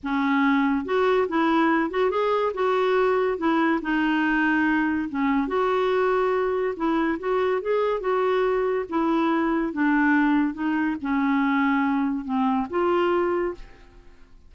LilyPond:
\new Staff \with { instrumentName = "clarinet" } { \time 4/4 \tempo 4 = 142 cis'2 fis'4 e'4~ | e'8 fis'8 gis'4 fis'2 | e'4 dis'2. | cis'4 fis'2. |
e'4 fis'4 gis'4 fis'4~ | fis'4 e'2 d'4~ | d'4 dis'4 cis'2~ | cis'4 c'4 f'2 | }